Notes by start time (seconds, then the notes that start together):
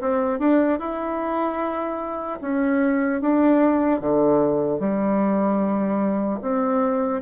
0.00 C4
0.39 D4
0.79 E4
2.41 C#4
3.21 D4
4.00 D3
4.79 G3
6.41 C4